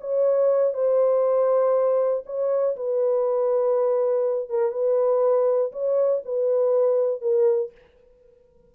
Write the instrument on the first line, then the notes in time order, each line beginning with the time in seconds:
horn
0.00 C#5
0.73 C5
2.25 C#5
2.76 B4
4.49 A#4
4.71 B4
5.72 C#5
6.25 B4
7.21 A#4